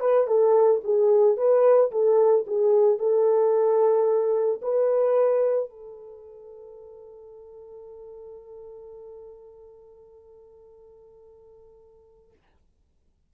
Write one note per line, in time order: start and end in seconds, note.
0.00 0.27 B4
0.27 0.81 A4
0.84 1.37 G#4
1.37 1.91 B4
1.91 2.45 A4
2.47 2.99 G#4
2.99 4.61 A4
4.62 5.70 B4
5.70 12.32 A4